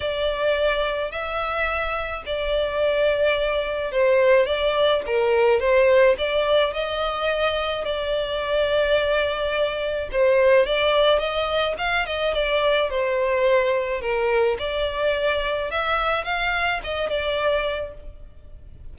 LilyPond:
\new Staff \with { instrumentName = "violin" } { \time 4/4 \tempo 4 = 107 d''2 e''2 | d''2. c''4 | d''4 ais'4 c''4 d''4 | dis''2 d''2~ |
d''2 c''4 d''4 | dis''4 f''8 dis''8 d''4 c''4~ | c''4 ais'4 d''2 | e''4 f''4 dis''8 d''4. | }